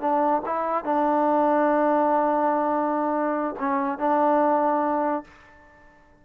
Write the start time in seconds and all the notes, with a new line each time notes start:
0.00 D4
0.45 E4
0.84 D4
3.59 C#4
3.98 D4